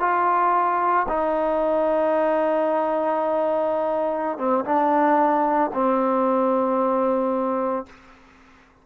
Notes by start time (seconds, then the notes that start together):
0.00 F4
1.08 D#4
4.38 C4
4.65 D4
5.74 C4